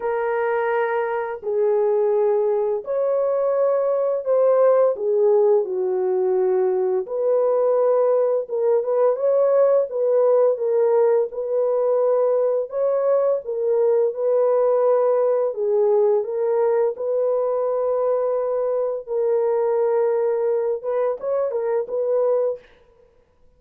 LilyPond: \new Staff \with { instrumentName = "horn" } { \time 4/4 \tempo 4 = 85 ais'2 gis'2 | cis''2 c''4 gis'4 | fis'2 b'2 | ais'8 b'8 cis''4 b'4 ais'4 |
b'2 cis''4 ais'4 | b'2 gis'4 ais'4 | b'2. ais'4~ | ais'4. b'8 cis''8 ais'8 b'4 | }